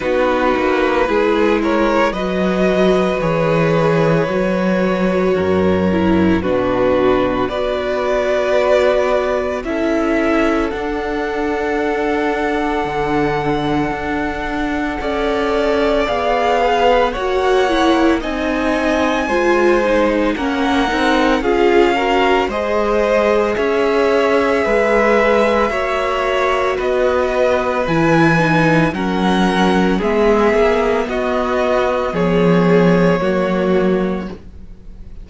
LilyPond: <<
  \new Staff \with { instrumentName = "violin" } { \time 4/4 \tempo 4 = 56 b'4. cis''8 dis''4 cis''4~ | cis''2 b'4 d''4~ | d''4 e''4 fis''2~ | fis''2. f''4 |
fis''4 gis''2 fis''4 | f''4 dis''4 e''2~ | e''4 dis''4 gis''4 fis''4 | e''4 dis''4 cis''2 | }
  \new Staff \with { instrumentName = "violin" } { \time 4/4 fis'4 gis'8 ais'8 b'2~ | b'4 ais'4 fis'4 b'4~ | b'4 a'2.~ | a'2 d''4. b'8 |
cis''4 dis''4 c''4 ais'4 | gis'8 ais'8 c''4 cis''4 b'4 | cis''4 b'2 ais'4 | gis'4 fis'4 gis'4 fis'4 | }
  \new Staff \with { instrumentName = "viola" } { \time 4/4 dis'4 e'4 fis'4 gis'4 | fis'4. e'8 d'4 fis'4~ | fis'4 e'4 d'2~ | d'2 a'4 gis'4 |
fis'8 e'8 dis'4 f'8 dis'8 cis'8 dis'8 | f'8 fis'8 gis'2. | fis'2 e'8 dis'8 cis'4 | b2. ais4 | }
  \new Staff \with { instrumentName = "cello" } { \time 4/4 b8 ais8 gis4 fis4 e4 | fis4 fis,4 b,4 b4~ | b4 cis'4 d'2 | d4 d'4 cis'4 b4 |
ais4 c'4 gis4 ais8 c'8 | cis'4 gis4 cis'4 gis4 | ais4 b4 e4 fis4 | gis8 ais8 b4 f4 fis4 | }
>>